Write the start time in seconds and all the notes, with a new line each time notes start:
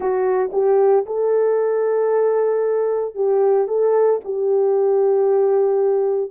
0.00 F#4
0.52 G4
1.06 A4
3.14 G4
3.67 A4
4.24 G4